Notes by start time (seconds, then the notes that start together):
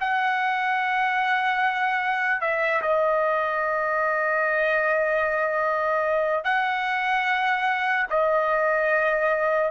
0.00 F#5
2.41 E5
2.82 D#5
6.44 F#5
8.10 D#5